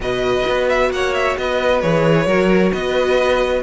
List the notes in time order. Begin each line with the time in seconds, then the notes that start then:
0.00 B2 F#4 B4 D#5
0.48 B3
0.68 E5
0.90 A#3 C#5 F#5
1.14 E5
1.38 B3 B4 D#5
1.81 E3 G#4 C#5
2.26 F#3 F#4 A#4
2.72 B3 B4 D#5